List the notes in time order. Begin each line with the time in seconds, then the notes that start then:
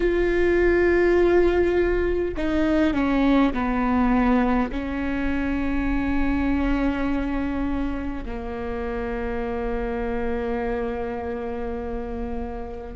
0.00 F4
2.36 D#4
2.94 C#4
3.53 B3
4.71 C#4
8.25 A#3